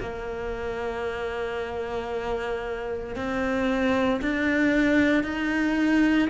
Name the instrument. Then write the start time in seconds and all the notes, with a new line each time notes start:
cello
0.00 A#3
3.15 C4
4.22 D4
5.23 D#4